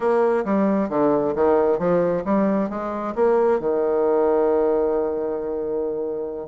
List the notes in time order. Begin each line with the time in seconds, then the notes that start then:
0.00 A#3
0.44 G3
0.89 D3
1.35 D#3
1.78 F3
2.24 G3
2.69 G#3
3.15 A#3
3.59 D#3